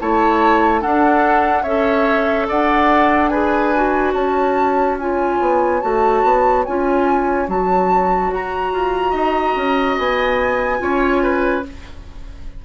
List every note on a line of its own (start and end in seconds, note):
0.00 0.84 A3
0.00 0.81 E4
0.00 0.81 C#5
0.00 0.82 A5
0.81 1.64 D4
0.81 1.63 A4
0.81 1.63 F#5
1.63 2.48 C#4
1.63 3.33 A4
1.63 2.47 C#5
1.63 2.46 E5
2.49 4.14 D4
2.49 3.31 D5
2.49 3.29 F#5
3.29 3.74 G#4
3.29 4.14 B4
3.29 4.12 G#5
3.76 5.00 F#4
4.14 5.39 C#4
4.14 9.11 C#5
4.14 4.97 A5
4.99 5.81 F4
4.99 5.81 G#5
5.40 5.82 B3
5.81 6.24 A3
5.81 6.65 F#4
5.81 6.64 A5
6.24 6.65 B3
6.65 7.48 C#4
6.65 7.48 F4
6.65 7.48 G#5
7.48 8.31 F#3
7.48 10.79 F#4
7.48 8.33 A5
8.32 8.73 F#4
8.32 9.98 A#5
8.73 9.14 F4
9.11 9.55 D#4
9.11 10.77 D#5
9.56 9.98 C#4
9.98 10.81 B3
9.98 11.65 G#5
10.79 11.64 C#4
10.79 11.63 F4
10.79 11.23 C#5
11.23 11.65 B4